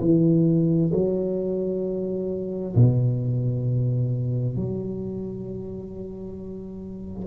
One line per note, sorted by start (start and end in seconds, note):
0.00 0.91 E3
0.93 2.75 F#3
2.75 4.56 B2
4.56 7.27 F#3